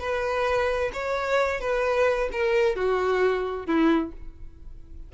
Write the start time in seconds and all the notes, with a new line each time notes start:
0.00 B4
0.93 C#5
1.61 B4
2.32 A#4
2.76 F#4
3.66 E4